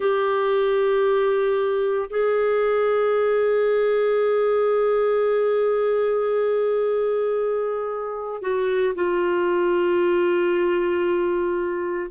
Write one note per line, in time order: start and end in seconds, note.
0.00 2.09 G4
2.10 8.41 G#4
8.41 8.94 F#4
8.94 12.10 F4